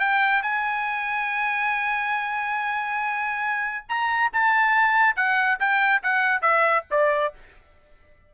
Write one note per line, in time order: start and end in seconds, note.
0.00 0.43 G5
0.43 3.86 G#5
3.89 4.32 A#5
4.33 5.16 A5
5.16 5.59 F#5
5.60 6.03 G5
6.03 6.42 F#5
6.42 6.85 E5
6.92 7.34 D5